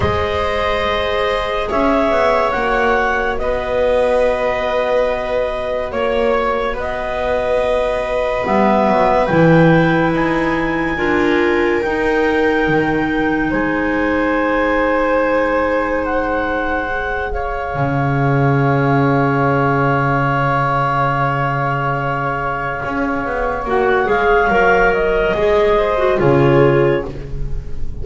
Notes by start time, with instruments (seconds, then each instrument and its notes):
0.00 double bass G#3, clarinet G#4 D#5, viola C5
1.69 double bass C#4, viola C#5, clarinet E5
2.11 double bass B3
2.51 double bass A#3, clarinet F#4 F#5
3.38 double bass B3, viola B4, clarinet D#5
5.91 double bass A#3, clarinet C#5, viola C#5
6.73 double bass B3, viola B4, clarinet D#5
8.43 double bass G3, clarinet B3 E5
8.87 double bass F#3
9.26 double bass E3, clarinet E4 G5
10.13 double bass D#4, clarinet G#5
10.97 double bass D4, clarinet F4, viola A#4
11.82 double bass D#4, clarinet D#4 G5
12.67 double bass D#3
13.49 double bass G#3, viola C5, clarinet G#5
16.05 clarinet F#5
16.86 clarinet G#4
17.31 viola C#5, clarinet F5
17.74 double bass C#3
22.84 double bass C#4
23.25 double bass B3
23.64 double bass A#3, clarinet F#4 F#5
24.05 double bass G#3, clarinet G#4 F5
24.48 double bass F#3, clarinet A#4
24.93 clarinet D#5
25.34 double bass G#3, clarinet G#4
25.77 viola C5
25.98 clarinet F#4
26.18 double bass C#3, clarinet F4 C#5, viola G#4